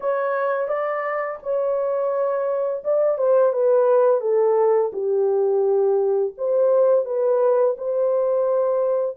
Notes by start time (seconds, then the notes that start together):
0.00 C#5
0.68 D5
1.42 C#5
2.84 D5
3.18 C5
3.53 B4
4.20 A4
4.92 G4
6.37 C5
7.05 B4
7.77 C5